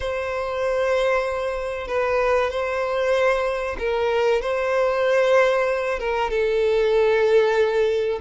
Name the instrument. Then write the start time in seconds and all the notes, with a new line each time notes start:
violin
0.00 C5
1.87 B4
2.50 C5
3.78 A#4
4.41 C5
5.99 A#4
6.30 A4